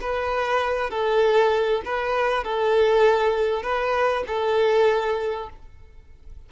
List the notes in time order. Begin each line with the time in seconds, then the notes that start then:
0.00 B4
0.90 A4
1.85 B4
2.44 A4
3.62 B4
4.27 A4